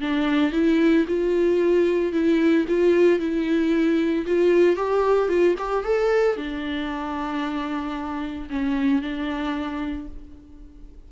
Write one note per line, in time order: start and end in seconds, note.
0.00 0.52 D4
0.52 1.05 E4
1.08 2.12 F4
2.12 2.65 E4
2.68 3.19 F4
3.19 4.25 E4
4.26 4.76 F4
4.76 5.28 G4
5.28 5.55 F4
5.58 5.84 G4
5.84 6.36 A4
6.36 8.49 D4
8.50 9.01 C#4
9.01 10.08 D4